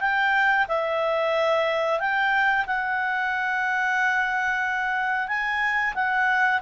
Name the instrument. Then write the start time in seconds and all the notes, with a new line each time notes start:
clarinet
0.00 G5
0.68 E5
1.99 G5
2.66 F#5
5.27 G#5
5.94 F#5